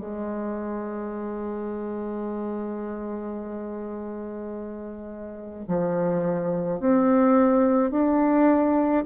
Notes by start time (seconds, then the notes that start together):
0.00 G#3
5.68 F3
6.80 C4
7.90 D4